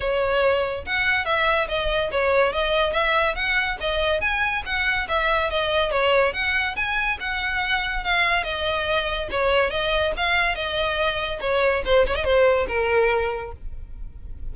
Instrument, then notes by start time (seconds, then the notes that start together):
violin
0.00 C#5
0.86 F#5
1.25 E5
1.68 D#5
2.11 C#5
2.52 D#5
2.93 E5
3.35 F#5
3.80 D#5
4.20 G#5
4.65 F#5
5.08 E5
5.50 D#5
5.91 C#5
6.33 F#5
6.75 G#5
7.19 F#5
8.03 F5
8.43 D#5
9.30 C#5
9.70 D#5
10.17 F5
10.55 D#5
11.40 C#5
11.85 C5
12.07 C#5
12.15 D#5
12.24 C5
12.67 A#4